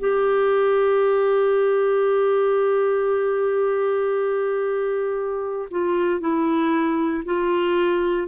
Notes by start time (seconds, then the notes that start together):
0.00 G4
5.71 F4
6.20 E4
7.26 F4